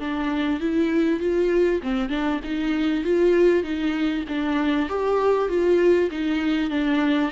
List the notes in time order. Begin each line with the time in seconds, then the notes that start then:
0.00 D4
0.61 E4
1.21 F4
1.83 C4
2.10 D4
2.44 D#4
3.05 F4
3.64 D#4
4.29 D4
4.90 G4
5.49 F4
6.11 D#4
6.71 D4